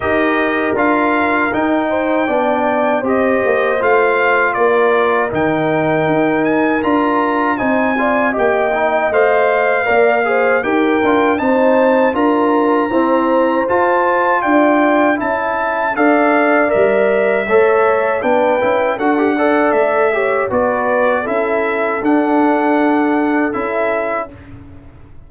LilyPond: <<
  \new Staff \with { instrumentName = "trumpet" } { \time 4/4 \tempo 4 = 79 dis''4 f''4 g''2 | dis''4 f''4 d''4 g''4~ | g''8 gis''8 ais''4 gis''4 g''4 | f''2 g''4 a''4 |
ais''2 a''4 g''4 | a''4 f''4 e''2 | g''4 fis''4 e''4 d''4 | e''4 fis''2 e''4 | }
  \new Staff \with { instrumentName = "horn" } { \time 4/4 ais'2~ ais'8 c''8 d''4 | c''2 ais'2~ | ais'2 c''8 d''8 dis''4~ | dis''4 d''8 c''8 ais'4 c''4 |
ais'4 c''2 d''4 | e''4 d''2 cis''4 | b'4 a'8 d''4 cis''8 b'4 | a'1 | }
  \new Staff \with { instrumentName = "trombone" } { \time 4/4 g'4 f'4 dis'4 d'4 | g'4 f'2 dis'4~ | dis'4 f'4 dis'8 f'8 g'8 dis'8 | c''4 ais'8 gis'8 g'8 f'8 dis'4 |
f'4 c'4 f'2 | e'4 a'4 ais'4 a'4 | d'8 e'8 fis'16 g'16 a'4 g'8 fis'4 | e'4 d'2 e'4 | }
  \new Staff \with { instrumentName = "tuba" } { \time 4/4 dis'4 d'4 dis'4 b4 | c'8 ais8 a4 ais4 dis4 | dis'4 d'4 c'4 ais4 | a4 ais4 dis'8 d'8 c'4 |
d'4 e'4 f'4 d'4 | cis'4 d'4 g4 a4 | b8 cis'8 d'4 a4 b4 | cis'4 d'2 cis'4 | }
>>